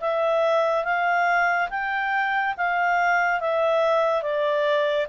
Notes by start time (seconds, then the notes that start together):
0.00 E5
0.84 F5
1.70 G5
2.57 F5
3.40 E5
4.22 D5